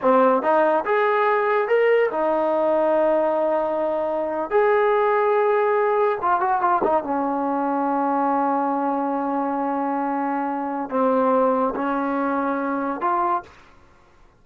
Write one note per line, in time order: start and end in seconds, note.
0.01 0.42 C4
0.42 0.84 D#4
0.85 1.68 G#4
1.68 2.10 A#4
2.11 4.50 D#4
4.50 6.18 G#4
6.21 6.40 F4
6.40 6.61 F#4
6.61 6.82 F4
6.83 7.03 D#4
7.03 10.90 C#4
10.90 11.74 C4
11.75 13.01 C#4
13.01 13.42 F4